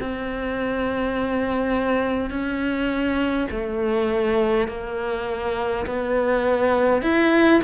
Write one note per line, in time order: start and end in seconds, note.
0.00 2.30 C4
2.30 3.48 C#4
3.50 4.68 A3
4.68 5.86 A#3
5.86 7.02 B3
7.02 7.61 E4